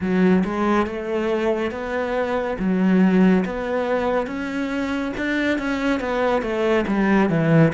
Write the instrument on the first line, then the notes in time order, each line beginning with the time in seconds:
cello
0.00 F#3
0.44 G#3
0.86 A3
1.71 B3
2.58 F#3
3.45 B3
4.26 C#4
5.17 D4
5.58 C#4
6.00 B3
6.41 A3
6.86 G3
7.29 E3